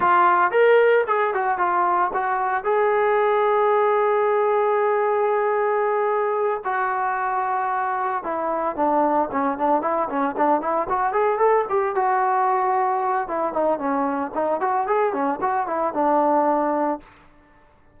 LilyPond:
\new Staff \with { instrumentName = "trombone" } { \time 4/4 \tempo 4 = 113 f'4 ais'4 gis'8 fis'8 f'4 | fis'4 gis'2.~ | gis'1~ | gis'8 fis'2. e'8~ |
e'8 d'4 cis'8 d'8 e'8 cis'8 d'8 | e'8 fis'8 gis'8 a'8 g'8 fis'4.~ | fis'4 e'8 dis'8 cis'4 dis'8 fis'8 | gis'8 cis'8 fis'8 e'8 d'2 | }